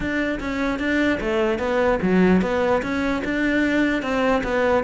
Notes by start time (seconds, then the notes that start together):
0.00 D4
0.40 C#4
0.79 D4
1.20 A3
1.59 B3
2.02 F#3
2.41 B3
2.82 C#4
3.24 D4
4.02 C4
4.43 B3